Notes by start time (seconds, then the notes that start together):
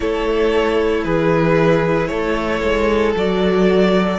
0.00 A3 E4 A4 C#5
1.04 E3 G#4 B4
2.07 A3 A4 C#5
2.62 G#3
3.16 F#3 F#4 D5